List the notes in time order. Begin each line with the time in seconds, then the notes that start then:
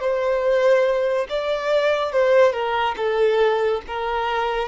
0.00 C5
1.29 D5
2.12 C5
2.53 A#4
2.96 A4
3.87 A#4